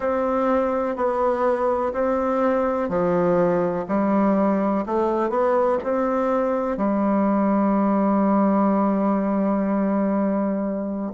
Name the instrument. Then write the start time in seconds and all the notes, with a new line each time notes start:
bassoon
0.00 C4
0.96 B3
1.93 C4
2.89 F3
3.88 G3
4.86 A3
5.29 B3
5.83 C4
6.77 G3